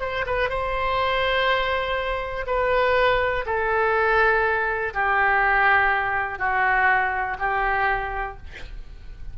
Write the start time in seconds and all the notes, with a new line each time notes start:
0.00 C5
0.26 B4
0.49 C5
2.46 B4
3.46 A4
4.94 G4
6.38 F#4
7.39 G4